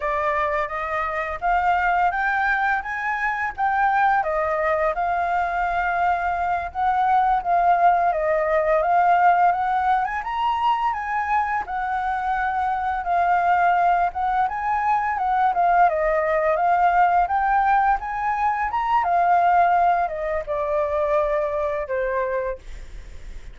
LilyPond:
\new Staff \with { instrumentName = "flute" } { \time 4/4 \tempo 4 = 85 d''4 dis''4 f''4 g''4 | gis''4 g''4 dis''4 f''4~ | f''4. fis''4 f''4 dis''8~ | dis''8 f''4 fis''8. gis''16 ais''4 gis''8~ |
gis''8 fis''2 f''4. | fis''8 gis''4 fis''8 f''8 dis''4 f''8~ | f''8 g''4 gis''4 ais''8 f''4~ | f''8 dis''8 d''2 c''4 | }